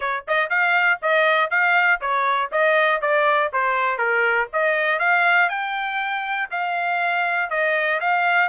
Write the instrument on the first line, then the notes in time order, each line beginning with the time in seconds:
trumpet
0.00 C#5
0.27 D#5
0.49 F5
1.02 D#5
1.50 F5
2.00 C#5
2.51 D#5
3.01 D5
3.52 C5
3.97 A#4
4.52 D#5
4.99 F5
5.49 G5
6.50 F5
7.50 D#5
8.00 F5